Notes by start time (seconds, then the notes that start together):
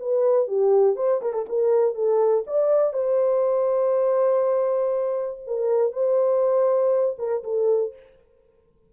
0.00 B4
0.48 G4
0.96 C5
1.22 A#4
1.34 A4
1.49 A#4
1.95 A4
2.47 D5
2.94 C5
5.47 A#4
5.93 C5
7.19 A#4
7.44 A4